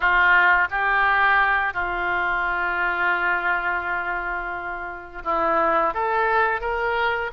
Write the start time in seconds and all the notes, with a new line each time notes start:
0.00 F4
0.70 G4
1.73 F4
5.24 E4
5.94 A4
6.61 A#4